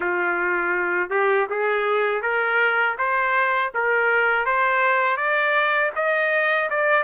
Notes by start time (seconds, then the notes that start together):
0.00 F4
1.09 G4
1.49 G#4
2.22 A#4
2.98 C5
3.74 A#4
4.45 C5
5.16 D5
5.95 D#5
6.70 D5